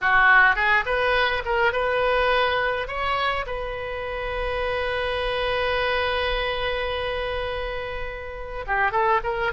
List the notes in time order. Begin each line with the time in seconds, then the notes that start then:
0.01 F#4
0.55 G#4
0.85 B4
1.45 A#4
1.72 B4
2.87 C#5
3.46 B4
8.66 G4
8.91 A4
9.23 A#4